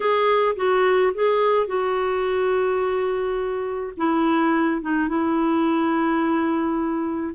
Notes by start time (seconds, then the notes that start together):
0.00 G#4
0.56 F#4
1.14 G#4
1.66 F#4
3.97 E4
4.81 D#4
5.08 E4